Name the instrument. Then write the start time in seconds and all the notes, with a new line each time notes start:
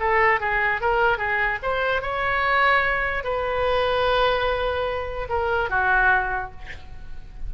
oboe
0.00 A4
0.40 G#4
0.81 A#4
1.18 G#4
1.63 C5
2.02 C#5
3.24 B4
5.29 A#4
5.70 F#4